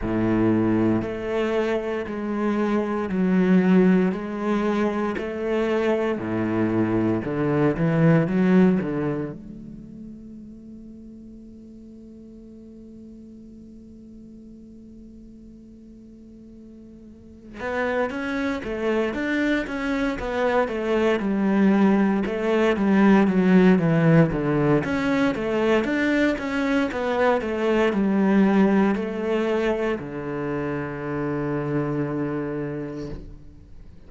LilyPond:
\new Staff \with { instrumentName = "cello" } { \time 4/4 \tempo 4 = 58 a,4 a4 gis4 fis4 | gis4 a4 a,4 d8 e8 | fis8 d8 a2.~ | a1~ |
a4 b8 cis'8 a8 d'8 cis'8 b8 | a8 g4 a8 g8 fis8 e8 d8 | cis'8 a8 d'8 cis'8 b8 a8 g4 | a4 d2. | }